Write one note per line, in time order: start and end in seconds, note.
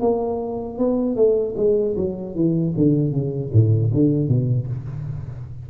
0.00 0.78 A#3
0.78 1.15 B3
1.15 1.54 A3
1.56 1.95 G#3
1.96 2.34 F#3
2.34 2.73 E3
2.76 3.11 D3
3.11 3.50 C#3
3.53 3.92 A2
3.93 4.28 D3
4.28 4.67 B2